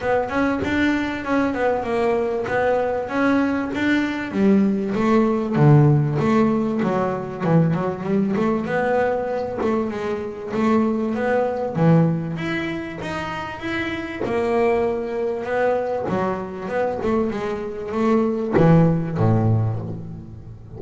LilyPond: \new Staff \with { instrumentName = "double bass" } { \time 4/4 \tempo 4 = 97 b8 cis'8 d'4 cis'8 b8 ais4 | b4 cis'4 d'4 g4 | a4 d4 a4 fis4 | e8 fis8 g8 a8 b4. a8 |
gis4 a4 b4 e4 | e'4 dis'4 e'4 ais4~ | ais4 b4 fis4 b8 a8 | gis4 a4 e4 a,4 | }